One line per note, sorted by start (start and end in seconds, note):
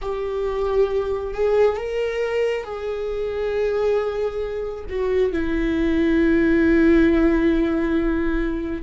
0.01 1.34 G4
1.34 1.76 G#4
1.76 2.64 A#4
2.64 4.84 G#4
4.89 5.32 F#4
5.32 8.82 E4